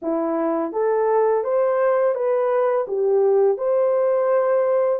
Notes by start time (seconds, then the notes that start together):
0.02 E4
0.72 A4
1.44 C5
2.14 B4
2.87 G4
3.57 C5